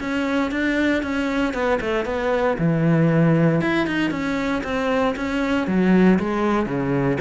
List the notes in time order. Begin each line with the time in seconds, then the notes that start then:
0.00 C#4
0.51 D4
1.03 C#4
1.54 B3
1.81 A3
2.05 B3
2.58 E3
3.61 E4
3.87 D#4
4.11 C#4
4.63 C4
5.16 C#4
5.67 F#3
6.19 G#3
6.66 C#3